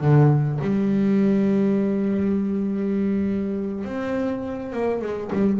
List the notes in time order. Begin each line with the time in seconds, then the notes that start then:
0.00 D3
0.61 G3
3.84 C4
4.72 A#3
5.01 G#3
5.32 G3